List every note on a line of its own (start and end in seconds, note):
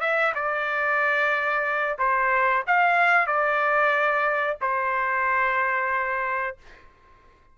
0.00 0.33 E5
0.34 1.97 D5
1.98 2.64 C5
2.67 3.27 F5
3.27 4.57 D5
4.61 6.57 C5